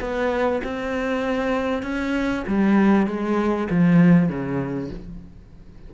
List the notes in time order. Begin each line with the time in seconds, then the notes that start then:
0.00 B3
0.64 C4
1.83 C#4
2.47 G3
3.07 G#3
3.70 F3
4.29 C#3